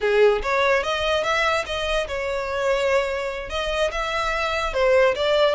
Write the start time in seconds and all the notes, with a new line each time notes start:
0.00 G#4
0.42 C#5
0.83 D#5
1.23 E5
1.66 D#5
2.07 C#5
3.49 D#5
3.91 E5
4.73 C5
5.15 D5